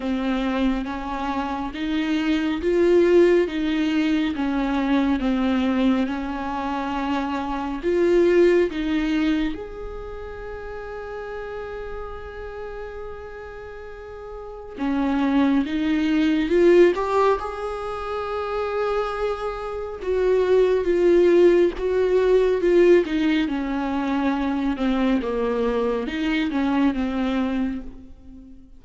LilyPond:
\new Staff \with { instrumentName = "viola" } { \time 4/4 \tempo 4 = 69 c'4 cis'4 dis'4 f'4 | dis'4 cis'4 c'4 cis'4~ | cis'4 f'4 dis'4 gis'4~ | gis'1~ |
gis'4 cis'4 dis'4 f'8 g'8 | gis'2. fis'4 | f'4 fis'4 f'8 dis'8 cis'4~ | cis'8 c'8 ais4 dis'8 cis'8 c'4 | }